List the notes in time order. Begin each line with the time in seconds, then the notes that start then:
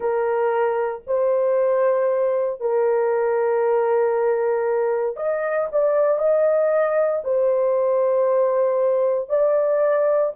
0.00 A#4
1.06 C5
2.60 A#4
5.16 D#5
5.72 D5
6.18 D#5
7.24 C5
9.29 D5